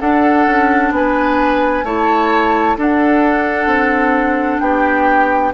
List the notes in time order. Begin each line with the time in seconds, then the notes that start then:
0.00 D4 A4 F#5
0.47 C#4
0.91 B3 B4 G#5
1.84 A3 E4 C#5 A5
2.77 D4 A4 F#5
3.67 C4
4.60 B3 G4 G5